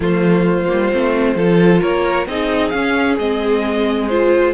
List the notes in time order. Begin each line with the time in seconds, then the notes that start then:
0.00 F3 A3 F4 C5
0.67 G3 A#3
0.92 A3 C4
1.35 F3 F4 A4
1.81 A#3 A#4 C#5
2.26 C4 D#4 G#4 D#5
2.69 C#4 F5
3.18 G#3 C4 D#5
4.08 F4 C5